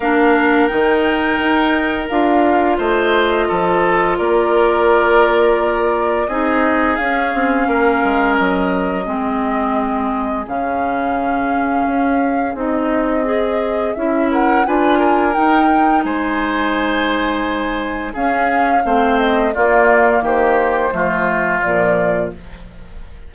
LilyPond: <<
  \new Staff \with { instrumentName = "flute" } { \time 4/4 \tempo 4 = 86 f''4 g''2 f''4 | dis''2 d''2~ | d''4 dis''4 f''2 | dis''2. f''4~ |
f''2 dis''2 | e''8 fis''8 gis''4 g''4 gis''4~ | gis''2 f''4. dis''8 | d''4 c''2 d''4 | }
  \new Staff \with { instrumentName = "oboe" } { \time 4/4 ais'1 | c''4 a'4 ais'2~ | ais'4 gis'2 ais'4~ | ais'4 gis'2.~ |
gis'1~ | gis'8 ais'8 b'8 ais'4. c''4~ | c''2 gis'4 c''4 | f'4 g'4 f'2 | }
  \new Staff \with { instrumentName = "clarinet" } { \time 4/4 d'4 dis'2 f'4~ | f'1~ | f'4 dis'4 cis'2~ | cis'4 c'2 cis'4~ |
cis'2 dis'4 gis'4 | e'4 f'4 dis'2~ | dis'2 cis'4 c'4 | ais2 a4 f4 | }
  \new Staff \with { instrumentName = "bassoon" } { \time 4/4 ais4 dis4 dis'4 d'4 | a4 f4 ais2~ | ais4 c'4 cis'8 c'8 ais8 gis8 | fis4 gis2 cis4~ |
cis4 cis'4 c'2 | cis'4 d'4 dis'4 gis4~ | gis2 cis'4 a4 | ais4 dis4 f4 ais,4 | }
>>